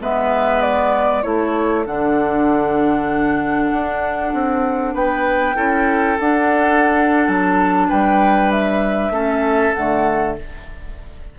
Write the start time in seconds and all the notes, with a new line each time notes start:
0.00 G#3 B3 B4 E5
0.61 D5
1.23 A3 E4 A4 C#5
1.86 D3 D4 F#5
3.72 D4
4.34 C4
4.94 B3 B4 G5
5.55 C#4 E4 A4
6.19 D4 F#5
7.28 F#3 A5
7.89 G3 B4 G5
8.51 E5
9.10 A3 C#4 A4
9.74 D3 A3 F#5